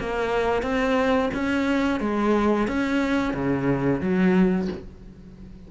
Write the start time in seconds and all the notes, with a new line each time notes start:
0.00 A#3
0.63 C4
1.35 C#4
2.00 G#3
2.68 C#4
3.34 C#3
4.01 F#3